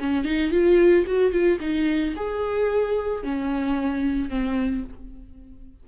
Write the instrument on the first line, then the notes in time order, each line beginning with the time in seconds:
viola
0.00 C#4
0.25 D#4
0.51 F4
1.07 F#4
1.32 F4
1.61 D#4
2.17 G#4
3.24 C#4
4.30 C4